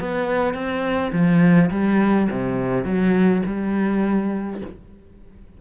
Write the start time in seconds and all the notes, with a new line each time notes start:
0.00 B3
0.54 C4
1.12 F3
1.70 G3
2.31 C3
2.85 F#3
3.46 G3